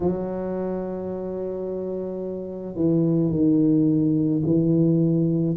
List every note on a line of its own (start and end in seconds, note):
0.00 2.75 F#3
2.75 3.30 E3
3.30 4.41 D#3
4.45 5.56 E3